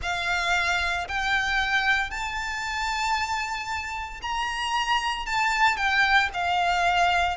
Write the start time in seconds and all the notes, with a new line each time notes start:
0.02 F5
1.08 G5
2.10 A5
4.22 A#5
5.26 A5
5.76 G5
6.33 F5